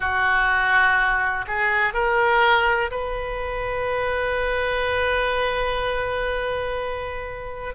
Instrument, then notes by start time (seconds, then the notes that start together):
oboe
0.00 F#4
1.47 G#4
1.93 A#4
2.90 B4